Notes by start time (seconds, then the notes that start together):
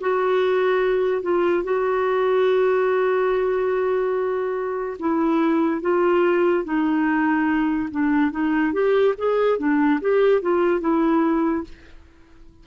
0.00 F#4
1.22 F4
1.63 F#4
4.99 E4
5.81 F4
6.64 D#4
7.91 D4
8.31 D#4
8.72 G4
9.17 G#4
9.58 D4
10.00 G4
10.41 F4
10.80 E4